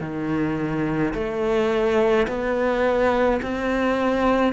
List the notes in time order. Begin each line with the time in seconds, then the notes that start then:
0.00 D#3
1.14 A3
2.27 B3
3.42 C4